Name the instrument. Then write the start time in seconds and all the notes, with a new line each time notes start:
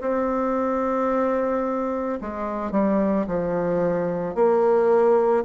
bassoon
0.00 C4
2.21 G#3
2.71 G3
3.27 F3
4.34 A#3